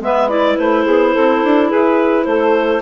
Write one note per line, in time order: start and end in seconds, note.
0.00 0.57 G#3
0.00 0.28 B3
0.00 0.84 B4
0.00 0.29 E5
0.28 2.81 E4
0.28 0.57 D5
0.58 0.86 A3
0.58 1.70 C5
0.84 1.14 B3
0.84 1.12 G#4
1.12 1.43 C4
1.12 1.68 A4
1.43 1.71 D4
1.68 2.26 E4
1.68 2.24 G#4
1.68 2.24 B4
2.24 2.81 A3
2.24 2.81 A4
2.24 2.81 C5